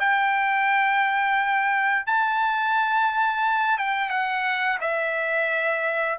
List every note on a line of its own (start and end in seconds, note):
0.00 2.07 G5
2.07 3.78 A5
3.78 4.10 G5
4.10 4.79 F#5
4.81 6.19 E5